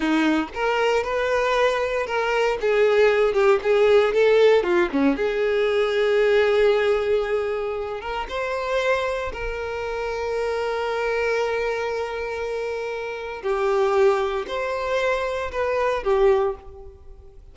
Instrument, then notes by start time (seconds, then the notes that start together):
violin
0.00 D#4
0.54 A#4
1.03 B4
2.06 A#4
2.60 G#4
3.33 G4
3.63 G#4
4.13 A4
4.63 F4
4.92 C#4
5.16 G#4
8.01 A#4
8.28 C5
9.32 A#4
13.42 G4
14.47 C5
15.51 B4
16.03 G4